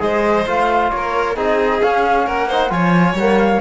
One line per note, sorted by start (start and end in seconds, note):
0.00 0.46 G#3
0.00 0.45 G#4
0.00 0.93 C5
0.00 0.47 D#5
0.46 0.92 A3
0.46 1.36 F4
0.46 0.91 F5
0.91 1.37 A#3
0.91 1.36 C#5
0.97 1.36 A#4
1.36 1.82 C4
1.36 1.81 D#4
1.36 2.27 G#4
1.36 1.83 D#5
1.82 2.50 C#4
1.82 2.27 C#4
1.82 2.28 F5
2.27 2.71 A#3
2.27 2.49 A#4
2.27 2.72 F#5
2.49 2.70 D#4
2.49 2.71 C5
2.70 3.13 F3
2.70 3.15 F4
2.70 3.61 C#5
2.70 3.17 G#5
3.13 3.59 G3
3.13 3.39 F#5
3.20 3.61 A#3
3.39 3.61 F5